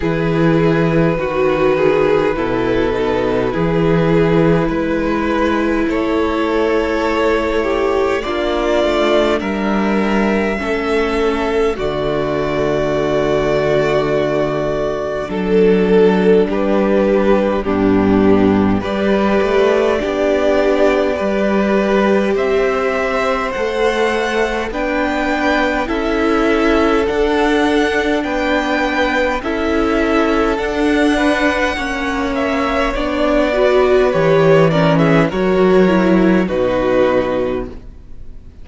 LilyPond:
<<
  \new Staff \with { instrumentName = "violin" } { \time 4/4 \tempo 4 = 51 b'1~ | b'4 cis''2 d''4 | e''2 d''2~ | d''4 a'4 b'4 g'4 |
d''2. e''4 | fis''4 g''4 e''4 fis''4 | g''4 e''4 fis''4. e''8 | d''4 cis''8 d''16 e''16 cis''4 b'4 | }
  \new Staff \with { instrumentName = "violin" } { \time 4/4 gis'4 fis'8 gis'8 a'4 gis'4 | b'4 a'4. g'8 f'4 | ais'4 a'4 fis'2~ | fis'4 a'4 g'4 d'4 |
b'4 g'4 b'4 c''4~ | c''4 b'4 a'2 | b'4 a'4. b'8 cis''4~ | cis''8 b'4 ais'16 gis'16 ais'4 fis'4 | }
  \new Staff \with { instrumentName = "viola" } { \time 4/4 e'4 fis'4 e'8 dis'8 e'4~ | e'2. d'4~ | d'4 cis'4 a2~ | a4 d'2 b4 |
g'4 d'4 g'2 | a'4 d'4 e'4 d'4~ | d'4 e'4 d'4 cis'4 | d'8 fis'8 g'8 cis'8 fis'8 e'8 dis'4 | }
  \new Staff \with { instrumentName = "cello" } { \time 4/4 e4 dis4 b,4 e4 | gis4 a2 ais8 a8 | g4 a4 d2~ | d4 fis4 g4 g,4 |
g8 a8 b4 g4 c'4 | a4 b4 cis'4 d'4 | b4 cis'4 d'4 ais4 | b4 e4 fis4 b,4 | }
>>